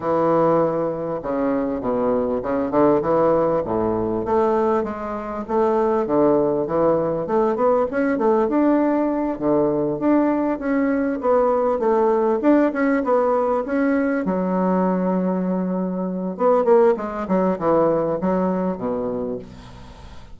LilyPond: \new Staff \with { instrumentName = "bassoon" } { \time 4/4 \tempo 4 = 99 e2 cis4 b,4 | cis8 d8 e4 a,4 a4 | gis4 a4 d4 e4 | a8 b8 cis'8 a8 d'4. d8~ |
d8 d'4 cis'4 b4 a8~ | a8 d'8 cis'8 b4 cis'4 fis8~ | fis2. b8 ais8 | gis8 fis8 e4 fis4 b,4 | }